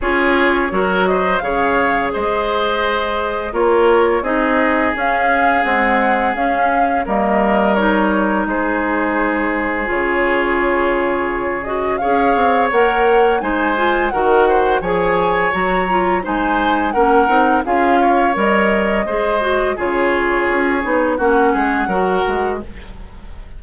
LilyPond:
<<
  \new Staff \with { instrumentName = "flute" } { \time 4/4 \tempo 4 = 85 cis''4. dis''8 f''4 dis''4~ | dis''4 cis''4 dis''4 f''4 | fis''4 f''4 dis''4 cis''4 | c''2 cis''2~ |
cis''8 dis''8 f''4 fis''4 gis''4 | fis''4 gis''4 ais''4 gis''4 | fis''4 f''4 dis''2 | cis''2 fis''2 | }
  \new Staff \with { instrumentName = "oboe" } { \time 4/4 gis'4 ais'8 c''8 cis''4 c''4~ | c''4 ais'4 gis'2~ | gis'2 ais'2 | gis'1~ |
gis'4 cis''2 c''4 | ais'8 c''8 cis''2 c''4 | ais'4 gis'8 cis''4. c''4 | gis'2 fis'8 gis'8 ais'4 | }
  \new Staff \with { instrumentName = "clarinet" } { \time 4/4 f'4 fis'4 gis'2~ | gis'4 f'4 dis'4 cis'4 | gis4 cis'4 ais4 dis'4~ | dis'2 f'2~ |
f'8 fis'8 gis'4 ais'4 dis'8 f'8 | fis'4 gis'4 fis'8 f'8 dis'4 | cis'8 dis'8 f'4 ais'4 gis'8 fis'8 | f'4. dis'8 cis'4 fis'4 | }
  \new Staff \with { instrumentName = "bassoon" } { \time 4/4 cis'4 fis4 cis4 gis4~ | gis4 ais4 c'4 cis'4 | c'4 cis'4 g2 | gis2 cis2~ |
cis4 cis'8 c'8 ais4 gis4 | dis4 f4 fis4 gis4 | ais8 c'8 cis'4 g4 gis4 | cis4 cis'8 b8 ais8 gis8 fis8 gis8 | }
>>